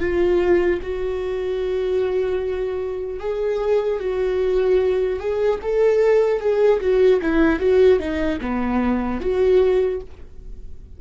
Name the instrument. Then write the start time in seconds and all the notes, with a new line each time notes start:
viola
0.00 F4
0.82 F#4
3.20 G#4
4.00 F#4
5.20 G#4
5.62 A4
6.40 G#4
6.80 F#4
7.22 E4
7.60 F#4
7.99 D#4
8.41 B3
9.21 F#4